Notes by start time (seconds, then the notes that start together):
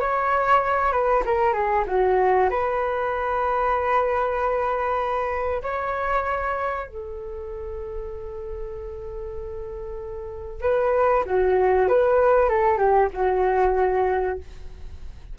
0.00 C#5
0.92 B4
1.25 A#4
1.53 G#4
1.87 F#4
2.50 B4
5.62 C#5
6.87 A4
10.61 B4
11.26 F#4
11.88 B4
12.49 A4
12.78 G4
13.14 F#4